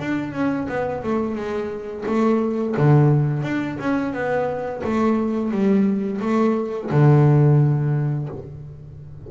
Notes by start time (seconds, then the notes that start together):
0.00 D4
0.33 C#4
0.69 B3
1.03 A3
1.35 G#3
2.06 A3
2.77 D3
3.43 D4
3.80 C#4
4.13 B3
4.84 A3
5.52 G3
6.21 A3
6.91 D3